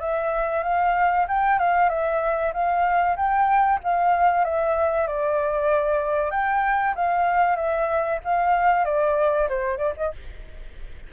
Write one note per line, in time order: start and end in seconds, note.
0.00 0.63 E5
0.63 1.26 F5
1.28 1.59 G5
1.59 1.89 F5
1.89 2.52 E5
2.53 3.16 F5
3.17 3.80 G5
3.84 4.44 F5
4.44 5.07 E5
5.07 6.31 D5
6.31 6.94 G5
6.95 7.56 F5
7.56 8.19 E5
8.24 8.85 F5
8.85 9.48 D5
9.49 9.77 C5
9.77 9.93 D5
9.97 10.13 D#5